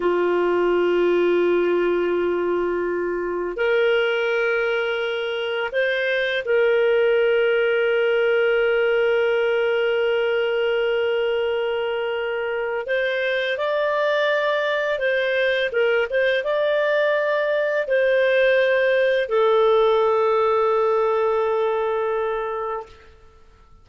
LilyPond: \new Staff \with { instrumentName = "clarinet" } { \time 4/4 \tempo 4 = 84 f'1~ | f'4 ais'2. | c''4 ais'2.~ | ais'1~ |
ais'2 c''4 d''4~ | d''4 c''4 ais'8 c''8 d''4~ | d''4 c''2 a'4~ | a'1 | }